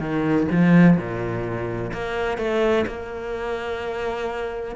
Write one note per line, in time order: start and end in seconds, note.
0.00 0.47 D#3
0.52 0.98 F3
0.98 1.92 A#2
1.93 2.38 A#3
2.38 2.85 A3
2.87 4.76 A#3